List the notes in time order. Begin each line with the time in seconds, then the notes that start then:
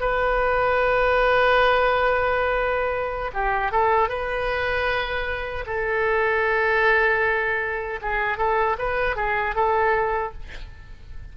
0.00 B4
3.33 G4
3.72 A4
4.09 B4
5.66 A4
8.02 G#4
8.38 A4
8.78 B4
9.16 G#4
9.55 A4